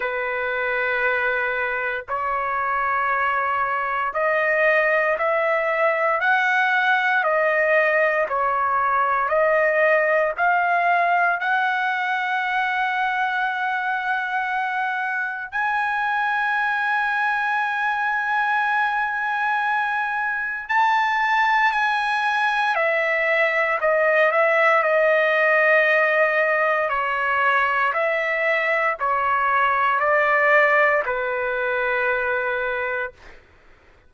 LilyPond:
\new Staff \with { instrumentName = "trumpet" } { \time 4/4 \tempo 4 = 58 b'2 cis''2 | dis''4 e''4 fis''4 dis''4 | cis''4 dis''4 f''4 fis''4~ | fis''2. gis''4~ |
gis''1 | a''4 gis''4 e''4 dis''8 e''8 | dis''2 cis''4 e''4 | cis''4 d''4 b'2 | }